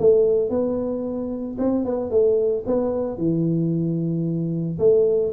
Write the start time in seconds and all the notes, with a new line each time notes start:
0.00 A3
0.50 B3
1.59 C4
1.85 B3
2.11 A3
2.67 B3
3.18 E3
4.79 A3